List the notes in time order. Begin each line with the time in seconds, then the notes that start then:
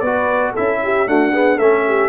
0.00 B3 F#4 B4 D5
0.53 E4 A4 E5
0.59 C#4
0.83 G4
1.06 A3 D4 F#4 F#5
1.33 B3 G#4
1.57 A3 C#4 A4 E5
1.87 G4